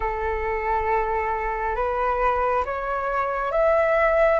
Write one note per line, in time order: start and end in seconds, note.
0.00 1.75 A4
1.75 2.64 B4
2.65 3.51 C#5
3.51 4.39 E5